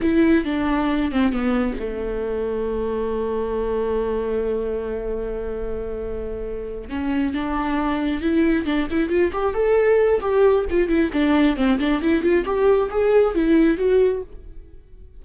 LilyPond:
\new Staff \with { instrumentName = "viola" } { \time 4/4 \tempo 4 = 135 e'4 d'4. c'8 b4 | a1~ | a1~ | a2.~ a8 cis'8~ |
cis'8 d'2 e'4 d'8 | e'8 f'8 g'8 a'4. g'4 | f'8 e'8 d'4 c'8 d'8 e'8 f'8 | g'4 gis'4 e'4 fis'4 | }